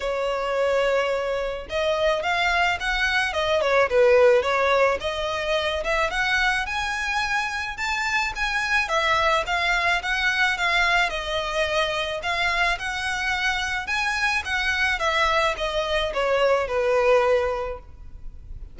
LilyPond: \new Staff \with { instrumentName = "violin" } { \time 4/4 \tempo 4 = 108 cis''2. dis''4 | f''4 fis''4 dis''8 cis''8 b'4 | cis''4 dis''4. e''8 fis''4 | gis''2 a''4 gis''4 |
e''4 f''4 fis''4 f''4 | dis''2 f''4 fis''4~ | fis''4 gis''4 fis''4 e''4 | dis''4 cis''4 b'2 | }